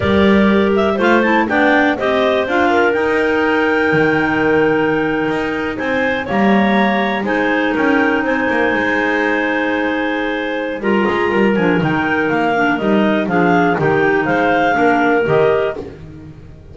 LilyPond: <<
  \new Staff \with { instrumentName = "clarinet" } { \time 4/4 \tempo 4 = 122 d''4. e''8 f''8 a''8 g''4 | dis''4 f''4 g''2~ | g''2.~ g''8. gis''16~ | gis''8. ais''2 gis''4 g''16~ |
g''8. gis''2.~ gis''16~ | gis''2 ais''4. gis''8 | g''4 f''4 dis''4 f''4 | g''4 f''2 dis''4 | }
  \new Staff \with { instrumentName = "clarinet" } { \time 4/4 ais'2 c''4 d''4 | c''4. ais'2~ ais'8~ | ais'2.~ ais'8. c''16~ | c''8. cis''2 c''4 ais'16~ |
ais'8. c''2.~ c''16~ | c''2 ais'8 gis'8 ais'4~ | ais'2. gis'4 | g'4 c''4 ais'2 | }
  \new Staff \with { instrumentName = "clarinet" } { \time 4/4 g'2 f'8 e'8 d'4 | g'4 f'4 dis'2~ | dis'1~ | dis'8. ais2 dis'4~ dis'16~ |
dis'1~ | dis'2 f'4. d'8 | dis'4. d'8 dis'4 d'4 | dis'2 d'4 g'4 | }
  \new Staff \with { instrumentName = "double bass" } { \time 4/4 g2 a4 b4 | c'4 d'4 dis'2 | dis2~ dis8. dis'4 c'16~ | c'8. g2 gis4 cis'16~ |
cis'8. c'8 ais8 gis2~ gis16~ | gis2 g8 gis8 g8 f8 | dis4 ais4 g4 f4 | dis4 gis4 ais4 dis4 | }
>>